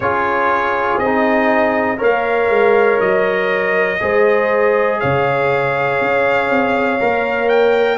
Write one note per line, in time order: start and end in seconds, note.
0.00 0.96 C#4
0.00 1.01 F4
0.00 1.97 G#4
0.00 0.98 C#5
0.96 1.96 C4
0.96 1.98 D#5
1.05 1.97 D#4
1.97 2.49 A#3
1.97 3.97 A#4
1.97 3.97 C#5
1.97 3.00 F5
2.49 2.99 G#3
3.00 4.00 F#3
3.00 5.00 D#5
4.00 5.01 G#3
4.00 6.99 G#4
4.00 5.00 C5
5.00 6.00 C#3
5.00 7.98 C#5
5.00 7.49 F5
6.00 6.50 C#4
6.50 7.00 C4
6.99 7.98 A#3
6.99 7.98 A#4
7.49 7.98 G5